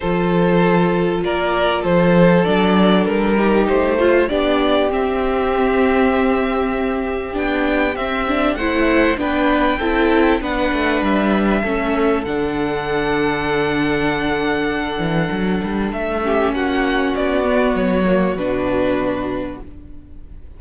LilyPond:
<<
  \new Staff \with { instrumentName = "violin" } { \time 4/4 \tempo 4 = 98 c''2 d''4 c''4 | d''4 ais'4 c''4 d''4 | e''1 | g''4 e''4 fis''4 g''4~ |
g''4 fis''4 e''2 | fis''1~ | fis''2 e''4 fis''4 | d''4 cis''4 b'2 | }
  \new Staff \with { instrumentName = "violin" } { \time 4/4 a'2 ais'4 a'4~ | a'4. g'4 f'8 g'4~ | g'1~ | g'2 c''4 b'4 |
a'4 b'2 a'4~ | a'1~ | a'2~ a'8 g'8 fis'4~ | fis'1 | }
  \new Staff \with { instrumentName = "viola" } { \time 4/4 f'1 | d'4. dis'4 f'8 d'4 | c'1 | d'4 c'8 d'8 e'4 d'4 |
e'4 d'2 cis'4 | d'1~ | d'2~ d'8 cis'4.~ | cis'8 b4 ais8 d'2 | }
  \new Staff \with { instrumentName = "cello" } { \time 4/4 f2 ais4 f4 | fis4 g4 a4 b4 | c'1 | b4 c'4 a4 b4 |
c'4 b8 a8 g4 a4 | d1~ | d8 e8 fis8 g8 a4 ais4 | b4 fis4 b,2 | }
>>